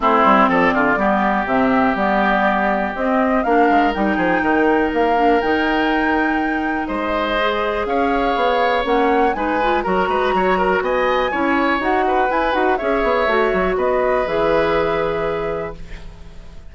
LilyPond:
<<
  \new Staff \with { instrumentName = "flute" } { \time 4/4 \tempo 4 = 122 c''4 d''2 e''4 | d''2 dis''4 f''4 | g''2 f''4 g''4~ | g''2 dis''2 |
f''2 fis''4 gis''4 | ais''2 gis''2 | fis''4 gis''8 fis''8 e''2 | dis''4 e''2. | }
  \new Staff \with { instrumentName = "oboe" } { \time 4/4 e'4 a'8 f'8 g'2~ | g'2. ais'4~ | ais'8 gis'8 ais'2.~ | ais'2 c''2 |
cis''2. b'4 | ais'8 b'8 cis''8 ais'8 dis''4 cis''4~ | cis''8 b'4. cis''2 | b'1 | }
  \new Staff \with { instrumentName = "clarinet" } { \time 4/4 c'2 b4 c'4 | b2 c'4 d'4 | dis'2~ dis'8 d'8 dis'4~ | dis'2. gis'4~ |
gis'2 cis'4 dis'8 f'8 | fis'2. e'4 | fis'4 e'8 fis'8 gis'4 fis'4~ | fis'4 gis'2. | }
  \new Staff \with { instrumentName = "bassoon" } { \time 4/4 a8 g8 f8 d8 g4 c4 | g2 c'4 ais8 gis8 | g8 f8 dis4 ais4 dis4~ | dis2 gis2 |
cis'4 b4 ais4 gis4 | fis8 gis8 fis4 b4 cis'4 | dis'4 e'8 dis'8 cis'8 b8 a8 fis8 | b4 e2. | }
>>